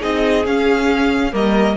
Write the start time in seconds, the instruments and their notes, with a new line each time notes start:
0.00 cello C4, viola D#4, violin G#4 D#5
0.46 viola C#4, cello C#4, violin F5
1.32 cello G3, viola A#3, violin A#4 D#5